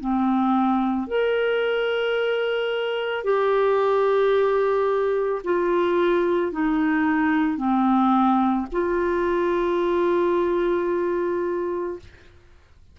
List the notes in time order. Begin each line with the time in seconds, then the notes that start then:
0.00 C4
1.07 A#4
3.24 G4
5.43 F4
6.52 D#4
7.57 C4
8.72 F4